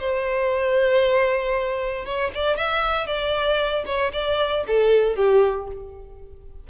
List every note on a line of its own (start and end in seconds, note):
0.00 2.05 C5
2.05 2.31 C#5
2.35 2.57 D5
2.57 3.07 E5
3.07 3.84 D5
3.86 4.12 C#5
4.13 4.65 D5
4.67 5.16 A4
5.16 5.68 G4